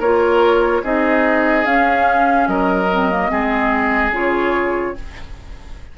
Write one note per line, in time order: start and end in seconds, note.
0.00 0.82 A#3
0.00 0.84 F4
0.00 0.82 A#4
0.00 0.84 C#5
0.84 1.66 C4
0.84 1.66 D#4
0.84 2.49 G#4
0.84 1.66 D#5
1.66 2.48 C#4
1.66 2.89 C#4
1.66 2.48 F5
2.48 3.30 F#3
2.48 3.32 A#4
2.48 4.12 D#5
2.92 3.11 C4
3.11 3.30 A#3
3.30 4.11 G#3
3.30 4.12 C4
3.30 4.96 G#4
4.11 4.94 C#3
4.11 4.95 F4
4.11 4.98 C#5